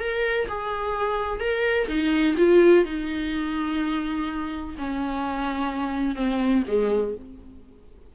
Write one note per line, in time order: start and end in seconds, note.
0.00 0.48 A#4
0.48 1.40 G#4
1.40 1.88 A#4
1.89 2.36 D#4
2.38 2.85 F4
2.85 4.76 D#4
4.79 6.16 C#4
6.16 6.64 C4
6.68 7.15 G#3